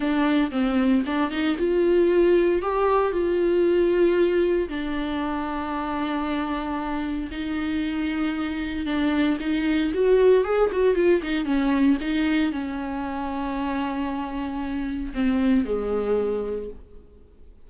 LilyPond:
\new Staff \with { instrumentName = "viola" } { \time 4/4 \tempo 4 = 115 d'4 c'4 d'8 dis'8 f'4~ | f'4 g'4 f'2~ | f'4 d'2.~ | d'2 dis'2~ |
dis'4 d'4 dis'4 fis'4 | gis'8 fis'8 f'8 dis'8 cis'4 dis'4 | cis'1~ | cis'4 c'4 gis2 | }